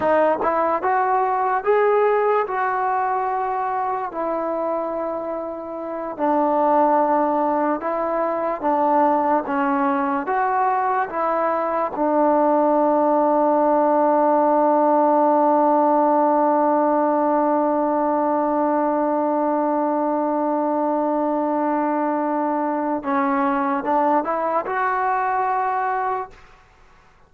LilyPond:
\new Staff \with { instrumentName = "trombone" } { \time 4/4 \tempo 4 = 73 dis'8 e'8 fis'4 gis'4 fis'4~ | fis'4 e'2~ e'8 d'8~ | d'4. e'4 d'4 cis'8~ | cis'8 fis'4 e'4 d'4.~ |
d'1~ | d'1~ | d'1 | cis'4 d'8 e'8 fis'2 | }